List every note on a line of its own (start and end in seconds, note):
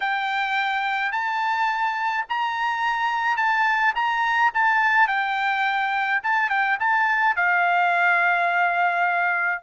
0.00 1.12 G5
1.12 2.25 A5
2.29 3.37 A#5
3.37 3.93 A5
3.95 4.52 A#5
4.54 5.07 A5
5.07 6.20 G5
6.23 6.49 A5
6.49 6.78 G5
6.79 7.36 A5
7.36 9.62 F5